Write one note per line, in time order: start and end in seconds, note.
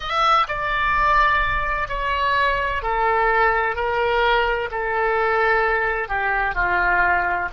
0.00 0.47 E5
0.47 1.88 D5
1.88 2.82 C#5
2.82 3.75 A4
3.75 4.69 A#4
4.71 6.08 A4
6.08 6.55 G4
6.55 7.48 F4